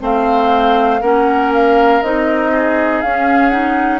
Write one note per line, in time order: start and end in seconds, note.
0.00 1.01 A3
0.00 1.00 C4
0.00 1.01 C5
0.00 1.02 F5
1.01 2.02 A#3
1.01 2.03 C#4
1.01 2.51 A#4
1.01 1.52 F#5
1.53 2.02 F5
2.02 3.02 C4
2.02 3.04 D#4
2.02 3.01 D#5
2.52 4.00 G#4
3.01 4.00 C#4
3.01 3.52 C#4
3.01 3.49 F5
3.49 4.00 D#4
3.49 3.99 F#5